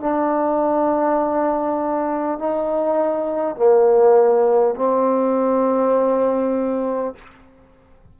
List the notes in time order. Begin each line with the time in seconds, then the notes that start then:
0.00 D4
2.38 D#4
3.56 A#3
4.75 C4